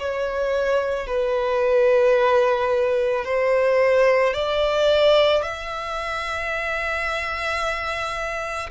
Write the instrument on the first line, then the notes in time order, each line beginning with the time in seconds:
violin
0.00 C#5
1.08 B4
3.25 C5
4.34 D5
5.43 E5